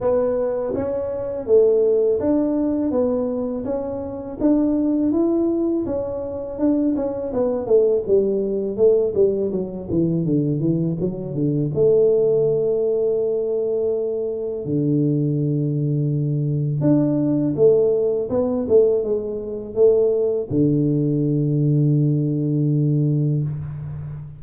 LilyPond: \new Staff \with { instrumentName = "tuba" } { \time 4/4 \tempo 4 = 82 b4 cis'4 a4 d'4 | b4 cis'4 d'4 e'4 | cis'4 d'8 cis'8 b8 a8 g4 | a8 g8 fis8 e8 d8 e8 fis8 d8 |
a1 | d2. d'4 | a4 b8 a8 gis4 a4 | d1 | }